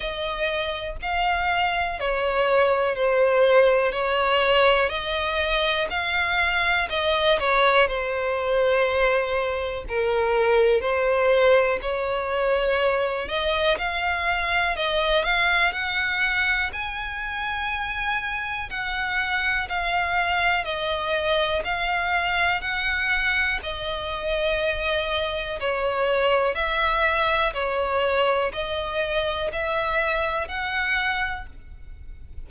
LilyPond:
\new Staff \with { instrumentName = "violin" } { \time 4/4 \tempo 4 = 61 dis''4 f''4 cis''4 c''4 | cis''4 dis''4 f''4 dis''8 cis''8 | c''2 ais'4 c''4 | cis''4. dis''8 f''4 dis''8 f''8 |
fis''4 gis''2 fis''4 | f''4 dis''4 f''4 fis''4 | dis''2 cis''4 e''4 | cis''4 dis''4 e''4 fis''4 | }